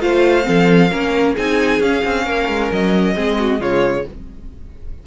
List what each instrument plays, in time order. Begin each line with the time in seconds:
0.00 cello A3, viola F4, violin C5 F5
0.43 cello F3, viola C4, violin A4
0.90 cello A#3, viola C#4, violin A#4
1.35 cello C4, viola D#4, violin G#4 G#5
1.80 cello C#4, viola C#4, violin F5
2.05 cello C4
2.25 cello A#3, violin A#4
2.49 cello G#3
2.72 cello F#3, violin D#5
3.15 cello G#3, viola C4, violin G#4
3.39 violin F#4
3.60 cello C#3, viola G#3, violin F4 C#5